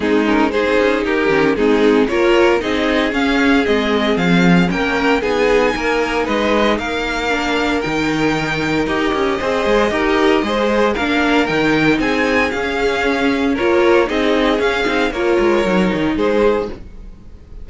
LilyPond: <<
  \new Staff \with { instrumentName = "violin" } { \time 4/4 \tempo 4 = 115 gis'8 ais'8 c''4 ais'4 gis'4 | cis''4 dis''4 f''4 dis''4 | f''4 g''4 gis''2 | dis''4 f''2 g''4~ |
g''4 dis''2.~ | dis''4 f''4 g''4 gis''4 | f''2 cis''4 dis''4 | f''4 cis''2 c''4 | }
  \new Staff \with { instrumentName = "violin" } { \time 4/4 dis'4 gis'4 g'4 dis'4 | ais'4 gis'2.~ | gis'4 ais'4 gis'4 ais'4 | b'4 ais'2.~ |
ais'2 c''4 ais'4 | c''4 ais'2 gis'4~ | gis'2 ais'4 gis'4~ | gis'4 ais'2 gis'4 | }
  \new Staff \with { instrumentName = "viola" } { \time 4/4 c'8 cis'8 dis'4. cis'8 c'4 | f'4 dis'4 cis'4 c'4~ | c'4 cis'4 dis'2~ | dis'2 d'4 dis'4~ |
dis'4 g'4 gis'4 g'4 | gis'4 d'4 dis'2 | cis'2 f'4 dis'4 | cis'8 dis'8 f'4 dis'2 | }
  \new Staff \with { instrumentName = "cello" } { \time 4/4 gis4~ gis16 c'16 cis'8 dis'8 dis8 gis4 | ais4 c'4 cis'4 gis4 | f4 ais4 b4 ais4 | gis4 ais2 dis4~ |
dis4 dis'8 cis'8 c'8 gis8 dis'4 | gis4 ais4 dis4 c'4 | cis'2 ais4 c'4 | cis'8 c'8 ais8 gis8 fis8 dis8 gis4 | }
>>